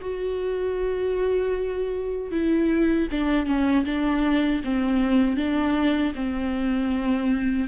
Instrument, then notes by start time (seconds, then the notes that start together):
viola
0.00 F#4
2.31 E4
3.11 D4
3.46 C#4
3.85 D4
4.64 C4
5.36 D4
6.15 C4